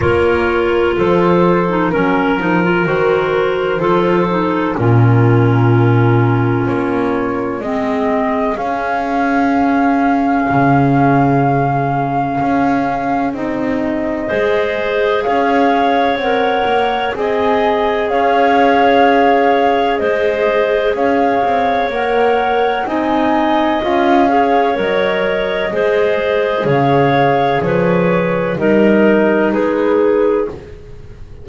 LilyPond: <<
  \new Staff \with { instrumentName = "flute" } { \time 4/4 \tempo 4 = 63 cis''4 c''4 ais'4 c''4~ | c''4 ais'2 cis''4 | dis''4 f''2.~ | f''2 dis''2 |
f''4 fis''4 gis''4 f''4~ | f''4 dis''4 f''4 fis''4 | gis''4 f''4 dis''2 | f''4 cis''4 dis''4 b'4 | }
  \new Staff \with { instrumentName = "clarinet" } { \time 4/4 ais'4 a'4 ais'2 | a'4 f'2. | gis'1~ | gis'2. c''4 |
cis''2 dis''4 cis''4~ | cis''4 c''4 cis''2 | dis''4. cis''4. c''4 | cis''4 b'4 ais'4 gis'4 | }
  \new Staff \with { instrumentName = "clarinet" } { \time 4/4 f'4.~ f'16 dis'16 cis'8 dis'16 f'16 fis'4 | f'8 dis'8 cis'2. | c'4 cis'2.~ | cis'2 dis'4 gis'4~ |
gis'4 ais'4 gis'2~ | gis'2. ais'4 | dis'4 f'8 gis'8 ais'4 gis'4~ | gis'2 dis'2 | }
  \new Staff \with { instrumentName = "double bass" } { \time 4/4 ais4 f4 fis8 f8 dis4 | f4 ais,2 ais4 | gis4 cis'2 cis4~ | cis4 cis'4 c'4 gis4 |
cis'4 c'8 ais8 c'4 cis'4~ | cis'4 gis4 cis'8 c'8 ais4 | c'4 cis'4 fis4 gis4 | cis4 f4 g4 gis4 | }
>>